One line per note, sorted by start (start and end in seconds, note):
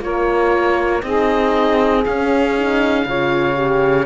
0.00 1.02 A#3
0.00 1.02 F4
0.00 1.04 A#4
0.00 1.02 C#5
1.02 2.04 C4
1.02 2.04 D#4
1.02 3.07 G#4
1.02 2.04 D#5
2.04 2.55 C#4
2.04 3.05 C#4
2.04 4.06 F5
2.55 3.06 D#4
3.05 4.06 C#3
3.05 3.54 F4
3.05 4.06 C#5
3.54 4.05 G4